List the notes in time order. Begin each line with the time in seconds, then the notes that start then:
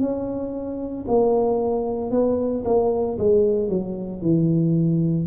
0.00 C#4
1.08 A#3
2.11 B3
2.65 A#3
3.18 G#3
3.69 F#3
4.22 E3